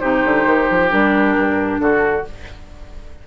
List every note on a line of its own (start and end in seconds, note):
0.00 0.25 C3
0.00 0.90 D#4
0.00 1.81 G4
0.00 0.90 C5
0.25 0.46 D3
0.46 0.68 D#3
0.71 0.93 F3
0.90 1.37 G3
0.90 2.25 D4
0.90 1.79 A#4
1.37 1.80 G2
1.79 2.25 D3
1.79 2.27 F#4
1.79 2.25 A4